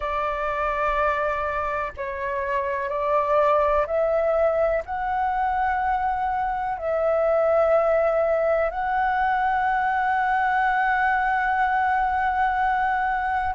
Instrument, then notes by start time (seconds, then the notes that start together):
flute
0.00 D5
1.97 C#5
2.89 D5
3.86 E5
4.85 F#5
6.77 E5
8.70 F#5